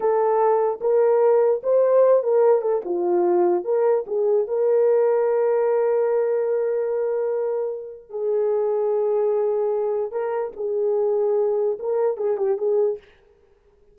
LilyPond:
\new Staff \with { instrumentName = "horn" } { \time 4/4 \tempo 4 = 148 a'2 ais'2 | c''4. ais'4 a'8 f'4~ | f'4 ais'4 gis'4 ais'4~ | ais'1~ |
ais'1 | gis'1~ | gis'4 ais'4 gis'2~ | gis'4 ais'4 gis'8 g'8 gis'4 | }